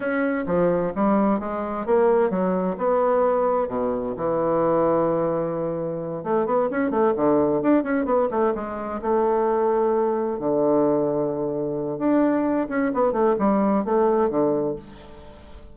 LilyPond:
\new Staff \with { instrumentName = "bassoon" } { \time 4/4 \tempo 4 = 130 cis'4 f4 g4 gis4 | ais4 fis4 b2 | b,4 e2.~ | e4. a8 b8 cis'8 a8 d8~ |
d8 d'8 cis'8 b8 a8 gis4 a8~ | a2~ a8 d4.~ | d2 d'4. cis'8 | b8 a8 g4 a4 d4 | }